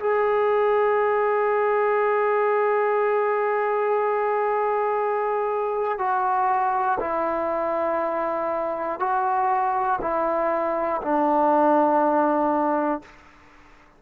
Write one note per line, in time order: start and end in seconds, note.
0.00 5.98 G#4
5.98 6.98 F#4
7.00 9.00 E4
9.00 10.00 F#4
10.01 11.01 E4
11.02 13.02 D4